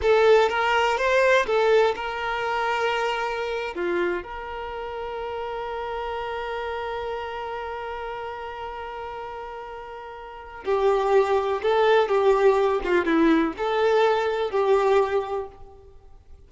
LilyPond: \new Staff \with { instrumentName = "violin" } { \time 4/4 \tempo 4 = 124 a'4 ais'4 c''4 a'4 | ais'2.~ ais'8. f'16~ | f'8. ais'2.~ ais'16~ | ais'1~ |
ais'1~ | ais'2 g'2 | a'4 g'4. f'8 e'4 | a'2 g'2 | }